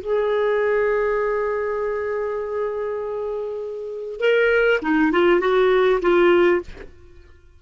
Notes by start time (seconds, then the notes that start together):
0.00 G#4
4.20 A#4
4.81 D#4
5.12 F4
5.40 F#4
6.01 F4